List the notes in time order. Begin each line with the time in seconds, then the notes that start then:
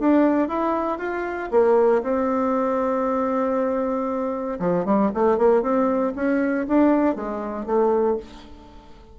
0.00 D4
0.49 E4
0.99 F4
1.52 A#3
2.03 C4
4.60 F3
4.86 G3
5.15 A3
5.38 A#3
5.63 C4
6.16 C#4
6.68 D4
7.16 G#3
7.66 A3